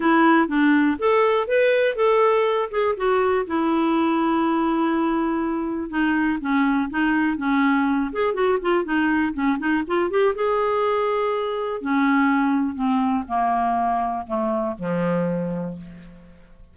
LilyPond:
\new Staff \with { instrumentName = "clarinet" } { \time 4/4 \tempo 4 = 122 e'4 d'4 a'4 b'4 | a'4. gis'8 fis'4 e'4~ | e'1 | dis'4 cis'4 dis'4 cis'4~ |
cis'8 gis'8 fis'8 f'8 dis'4 cis'8 dis'8 | f'8 g'8 gis'2. | cis'2 c'4 ais4~ | ais4 a4 f2 | }